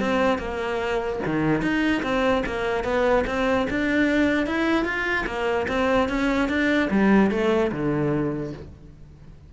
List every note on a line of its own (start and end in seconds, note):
0.00 0.38 C4
0.38 1.19 A#3
1.26 1.62 D#3
1.62 2.02 D#4
2.03 2.43 C4
2.46 2.84 A#3
2.84 3.24 B3
3.27 3.67 C4
3.70 4.46 D4
4.46 4.85 E4
4.85 5.25 F4
5.26 5.67 A#3
5.68 6.08 C4
6.08 6.48 C#4
6.48 6.89 D4
6.90 7.31 G3
7.31 7.71 A3
7.72 8.53 D3